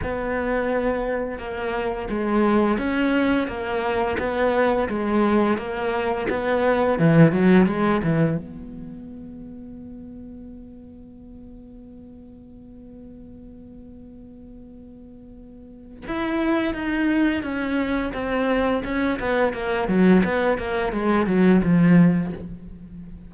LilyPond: \new Staff \with { instrumentName = "cello" } { \time 4/4 \tempo 4 = 86 b2 ais4 gis4 | cis'4 ais4 b4 gis4 | ais4 b4 e8 fis8 gis8 e8 | b1~ |
b1~ | b2. e'4 | dis'4 cis'4 c'4 cis'8 b8 | ais8 fis8 b8 ais8 gis8 fis8 f4 | }